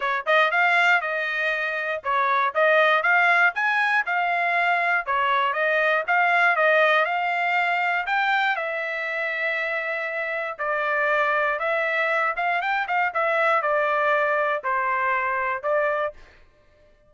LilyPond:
\new Staff \with { instrumentName = "trumpet" } { \time 4/4 \tempo 4 = 119 cis''8 dis''8 f''4 dis''2 | cis''4 dis''4 f''4 gis''4 | f''2 cis''4 dis''4 | f''4 dis''4 f''2 |
g''4 e''2.~ | e''4 d''2 e''4~ | e''8 f''8 g''8 f''8 e''4 d''4~ | d''4 c''2 d''4 | }